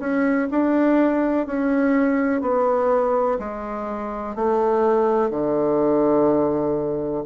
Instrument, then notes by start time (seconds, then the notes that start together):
bassoon
0.00 C#4
0.51 D4
1.46 C#4
2.41 B3
3.39 G#3
4.35 A3
5.30 D3